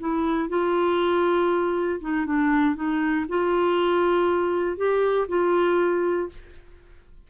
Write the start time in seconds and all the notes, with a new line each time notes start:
0.00 E4
0.49 F4
2.01 D#4
2.26 D4
2.75 D#4
3.29 F4
4.77 G4
5.28 F4